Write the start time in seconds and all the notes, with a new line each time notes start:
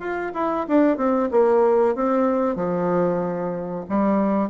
0.00 F4
0.35 E4
0.68 D4
0.98 C4
1.32 A#3
1.96 C4
2.56 F3
3.90 G3